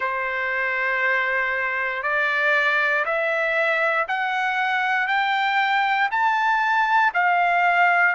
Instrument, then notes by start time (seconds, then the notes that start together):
trumpet
0.00 C5
2.02 D5
3.05 E5
4.07 F#5
5.07 G5
6.11 A5
7.14 F5